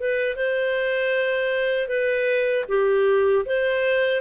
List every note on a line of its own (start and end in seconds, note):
0.00 0.36 B4
0.36 1.88 C5
1.88 2.65 B4
2.68 3.45 G4
3.46 4.21 C5